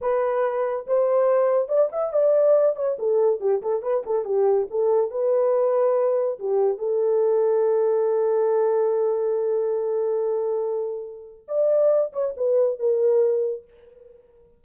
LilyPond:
\new Staff \with { instrumentName = "horn" } { \time 4/4 \tempo 4 = 141 b'2 c''2 | d''8 e''8 d''4. cis''8 a'4 | g'8 a'8 b'8 a'8 g'4 a'4 | b'2. g'4 |
a'1~ | a'1~ | a'2. d''4~ | d''8 cis''8 b'4 ais'2 | }